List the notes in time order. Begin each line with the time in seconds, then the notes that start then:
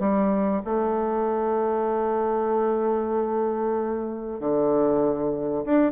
0.00 G3
0.65 A3
4.40 D3
5.65 D4